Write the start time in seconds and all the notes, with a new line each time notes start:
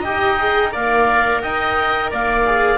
0.00 G4 D#5 G5
0.06 D#4
0.39 G#4
0.72 A#3 A#4 D5 F5
1.42 D#4 D#5 G5
2.11 A#3 D5 F5
2.46 G#4